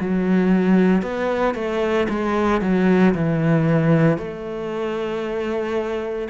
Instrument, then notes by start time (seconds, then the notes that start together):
cello
0.00 F#3
1.02 B3
1.55 A3
2.09 G#3
2.61 F#3
3.14 E3
4.18 A3